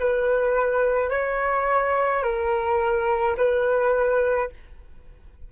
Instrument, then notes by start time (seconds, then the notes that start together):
flute
0.00 B4
1.10 C#5
2.23 A#4
3.37 B4